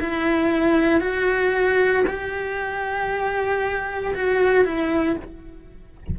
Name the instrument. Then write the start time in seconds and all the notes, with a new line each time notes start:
cello
0.00 E4
1.00 F#4
2.07 G4
4.14 F#4
4.65 E4